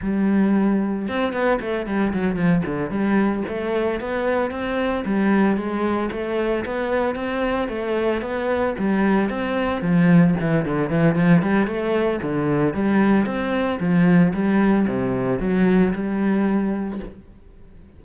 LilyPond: \new Staff \with { instrumentName = "cello" } { \time 4/4 \tempo 4 = 113 g2 c'8 b8 a8 g8 | fis8 f8 d8 g4 a4 b8~ | b8 c'4 g4 gis4 a8~ | a8 b4 c'4 a4 b8~ |
b8 g4 c'4 f4 e8 | d8 e8 f8 g8 a4 d4 | g4 c'4 f4 g4 | c4 fis4 g2 | }